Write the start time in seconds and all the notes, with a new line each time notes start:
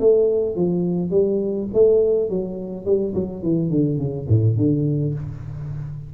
0.00 A3
0.56 F3
1.11 G3
1.74 A3
2.30 F#3
2.86 G3
3.15 F#3
3.43 E3
3.71 D3
3.98 C#3
4.29 A2
4.57 D3